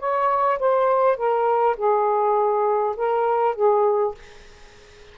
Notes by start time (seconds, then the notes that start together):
0.00 C#5
0.59 C5
1.17 A#4
1.77 G#4
2.97 A#4
3.56 G#4